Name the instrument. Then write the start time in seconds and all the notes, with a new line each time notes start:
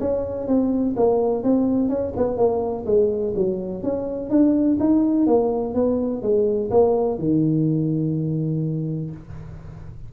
tuba
0.00 C#4
0.47 C4
0.96 A#3
1.43 C4
1.89 C#4
2.16 B3
2.37 A#3
2.86 G#3
3.35 F#3
3.83 C#4
4.30 D4
4.80 D#4
5.26 A#3
5.74 B3
6.22 G#3
6.70 A#3
7.18 D#3